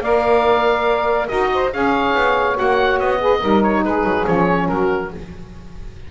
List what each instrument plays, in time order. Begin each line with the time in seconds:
0.00 double bass A#3, saxophone A#4 D5, oboe F5
1.28 double bass D#4, saxophone F#4 A#4, oboe D#5
1.53 saxophone C5
1.72 double bass C#4, saxophone G#4 C#5, oboe F5
2.14 double bass B3
2.54 double bass A#3, saxophone F#4, oboe F#5
2.99 double bass B3, oboe D#5
3.19 saxophone G#4 B4
3.39 double bass G3, saxophone D#4 A#4
3.62 oboe C#5
3.84 double bass G#3, saxophone G#4, oboe B4
4.03 double bass F#3
4.25 double bass F3, saxophone C#4, oboe C#5
4.68 double bass F#3, saxophone F#4, oboe A#4